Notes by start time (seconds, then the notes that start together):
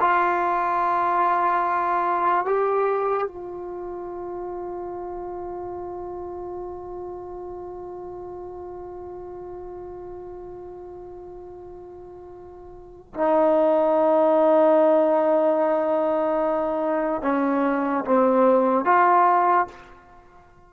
0.00 F4
2.45 G4
3.27 F4
13.14 D#4
17.22 C#4
18.05 C4
18.85 F4